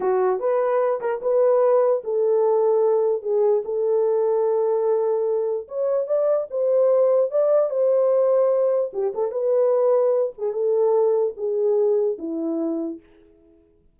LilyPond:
\new Staff \with { instrumentName = "horn" } { \time 4/4 \tempo 4 = 148 fis'4 b'4. ais'8 b'4~ | b'4 a'2. | gis'4 a'2.~ | a'2 cis''4 d''4 |
c''2 d''4 c''4~ | c''2 g'8 a'8 b'4~ | b'4. gis'8 a'2 | gis'2 e'2 | }